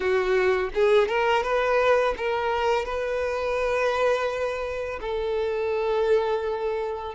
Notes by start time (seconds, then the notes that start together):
0.00 F#4
0.74 G#4
1.07 A#4
1.43 B4
2.17 A#4
2.85 B4
5.01 A4